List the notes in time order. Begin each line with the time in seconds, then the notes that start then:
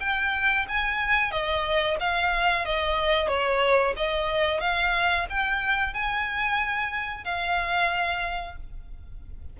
0.00 G5
0.68 G#5
1.31 D#5
2.00 F5
2.65 D#5
3.28 C#5
3.96 D#5
4.60 F5
5.30 G5
5.93 G#5
7.25 F5